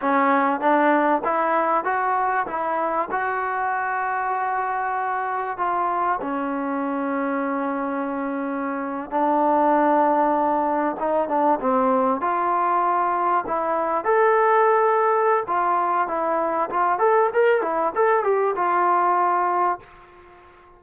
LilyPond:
\new Staff \with { instrumentName = "trombone" } { \time 4/4 \tempo 4 = 97 cis'4 d'4 e'4 fis'4 | e'4 fis'2.~ | fis'4 f'4 cis'2~ | cis'2~ cis'8. d'4~ d'16~ |
d'4.~ d'16 dis'8 d'8 c'4 f'16~ | f'4.~ f'16 e'4 a'4~ a'16~ | a'4 f'4 e'4 f'8 a'8 | ais'8 e'8 a'8 g'8 f'2 | }